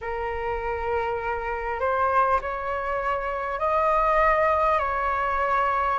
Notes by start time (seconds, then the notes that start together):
0.01 A#4
1.79 C5
2.41 C#5
3.59 D#5
4.78 C#5